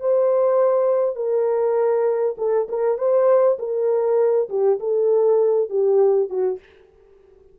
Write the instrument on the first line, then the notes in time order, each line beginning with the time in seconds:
horn
0.00 C5
1.16 A#4
2.38 A4
2.69 A#4
2.98 C5
3.59 A#4
4.49 G4
4.79 A4
5.69 G4
6.29 F#4